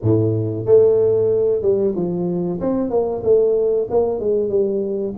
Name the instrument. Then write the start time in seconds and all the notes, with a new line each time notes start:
tuba
0.02 A2
0.65 A3
1.62 G3
1.95 F3
2.60 C4
2.90 A#3
3.23 A3
3.90 A#3
4.19 G#3
4.49 G3